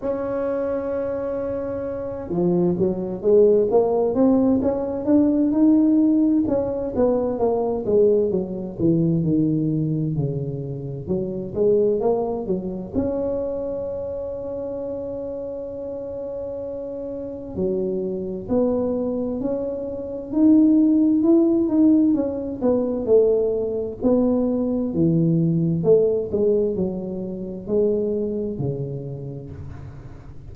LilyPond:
\new Staff \with { instrumentName = "tuba" } { \time 4/4 \tempo 4 = 65 cis'2~ cis'8 f8 fis8 gis8 | ais8 c'8 cis'8 d'8 dis'4 cis'8 b8 | ais8 gis8 fis8 e8 dis4 cis4 | fis8 gis8 ais8 fis8 cis'2~ |
cis'2. fis4 | b4 cis'4 dis'4 e'8 dis'8 | cis'8 b8 a4 b4 e4 | a8 gis8 fis4 gis4 cis4 | }